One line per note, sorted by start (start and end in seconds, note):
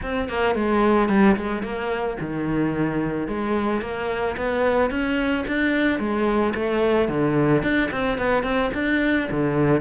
0.02 0.29 C4
0.29 0.55 A#3
0.55 1.08 G#3
1.08 1.36 G3
1.36 1.62 G#3
1.62 2.17 A#3
2.20 3.27 D#3
3.27 3.81 G#3
3.81 4.35 A#3
4.36 4.90 B3
4.90 5.44 C#4
5.47 5.99 D4
5.99 6.53 G#3
6.55 7.08 A3
7.08 7.62 D3
7.62 7.90 D4
7.91 8.18 C4
8.18 8.43 B3
8.43 8.70 C4
8.74 9.28 D4
9.30 9.81 D3